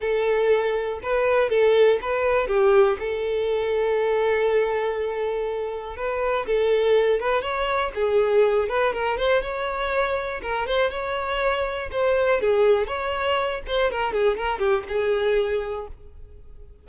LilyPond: \new Staff \with { instrumentName = "violin" } { \time 4/4 \tempo 4 = 121 a'2 b'4 a'4 | b'4 g'4 a'2~ | a'1 | b'4 a'4. b'8 cis''4 |
gis'4. b'8 ais'8 c''8 cis''4~ | cis''4 ais'8 c''8 cis''2 | c''4 gis'4 cis''4. c''8 | ais'8 gis'8 ais'8 g'8 gis'2 | }